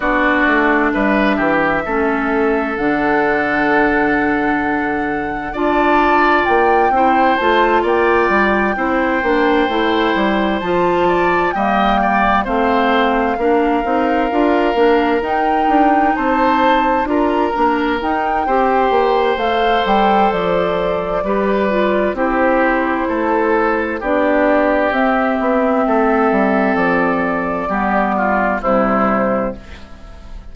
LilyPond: <<
  \new Staff \with { instrumentName = "flute" } { \time 4/4 \tempo 4 = 65 d''4 e''2 fis''4~ | fis''2 a''4 g''4 | a''8 g''2. a''8~ | a''8 g''4 f''2~ f''8~ |
f''8 g''4 a''4 ais''4 g''8~ | g''4 f''8 g''8 d''2 | c''2 d''4 e''4~ | e''4 d''2 c''4 | }
  \new Staff \with { instrumentName = "oboe" } { \time 4/4 fis'4 b'8 g'8 a'2~ | a'2 d''4. c''8~ | c''8 d''4 c''2~ c''8 | d''8 dis''8 d''8 c''4 ais'4.~ |
ais'4. c''4 ais'4. | c''2. b'4 | g'4 a'4 g'2 | a'2 g'8 f'8 e'4 | }
  \new Staff \with { instrumentName = "clarinet" } { \time 4/4 d'2 cis'4 d'4~ | d'2 f'4. e'8 | f'4. e'8 d'8 e'4 f'8~ | f'8 ais4 c'4 d'8 dis'8 f'8 |
d'8 dis'2 f'8 d'8 dis'8 | g'4 a'2 g'8 f'8 | e'2 d'4 c'4~ | c'2 b4 g4 | }
  \new Staff \with { instrumentName = "bassoon" } { \time 4/4 b8 a8 g8 e8 a4 d4~ | d2 d'4 ais8 c'8 | a8 ais8 g8 c'8 ais8 a8 g8 f8~ | f8 g4 a4 ais8 c'8 d'8 |
ais8 dis'8 d'8 c'4 d'8 ais8 dis'8 | c'8 ais8 a8 g8 f4 g4 | c'4 a4 b4 c'8 b8 | a8 g8 f4 g4 c4 | }
>>